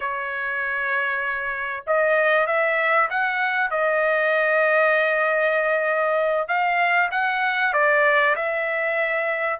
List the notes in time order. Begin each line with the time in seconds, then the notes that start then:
0.00 C#5
1.86 D#5
2.46 E5
3.10 F#5
3.70 D#5
6.48 F5
7.11 F#5
7.73 D5
8.35 E5